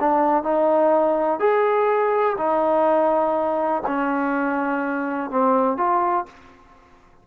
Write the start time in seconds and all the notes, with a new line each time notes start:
0.00 D4
0.43 D#4
1.39 G#4
2.38 D#4
3.87 C#4
5.30 C4
5.77 F4